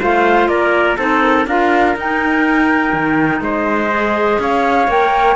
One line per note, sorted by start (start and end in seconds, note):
0.00 0.48 A3
0.00 0.98 F4
0.00 0.49 C5
0.00 0.48 F5
0.48 0.97 A#3
0.48 0.97 A#4
0.48 0.97 D5
0.97 1.47 C4
0.97 1.47 D#4
0.97 1.46 A4
0.97 1.21 C5
1.21 1.46 A#4
1.47 1.95 D4
1.47 1.97 F4
1.47 3.43 A#4
1.47 1.97 F5
1.96 2.93 D#4
1.96 3.90 D#4
1.96 3.43 G5
2.93 3.41 D#3
3.41 4.38 G#3
3.41 4.41 C5
3.41 4.41 D#5
3.90 4.88 G#4
4.39 4.87 C#4
4.39 5.36 C#5
4.39 4.91 F5
4.87 5.36 A#3
4.87 5.36 A#4
4.87 5.36 G5